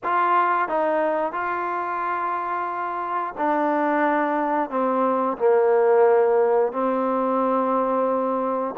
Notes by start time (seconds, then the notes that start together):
0.03 F4
0.68 D#4
1.32 F4
3.37 D4
4.69 C4
5.37 A#3
6.72 C4